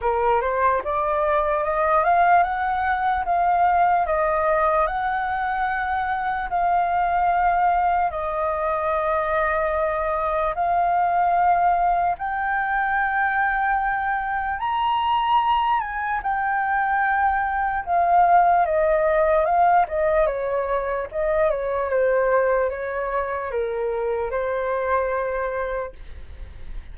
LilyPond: \new Staff \with { instrumentName = "flute" } { \time 4/4 \tempo 4 = 74 ais'8 c''8 d''4 dis''8 f''8 fis''4 | f''4 dis''4 fis''2 | f''2 dis''2~ | dis''4 f''2 g''4~ |
g''2 ais''4. gis''8 | g''2 f''4 dis''4 | f''8 dis''8 cis''4 dis''8 cis''8 c''4 | cis''4 ais'4 c''2 | }